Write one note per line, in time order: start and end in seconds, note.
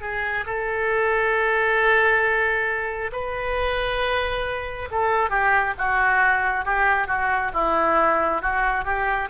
0.00 0.44 G#4
0.46 3.11 A4
3.12 4.88 B4
4.91 5.29 A4
5.29 5.74 G4
5.77 6.65 F#4
6.65 7.07 G4
7.07 7.51 F#4
7.53 8.41 E4
8.41 8.84 F#4
8.84 9.28 G4